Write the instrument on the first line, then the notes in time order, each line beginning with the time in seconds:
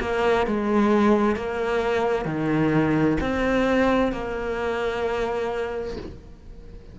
cello
0.00 A#3
0.47 G#3
1.36 A#3
2.25 D#3
3.21 C4
4.12 A#3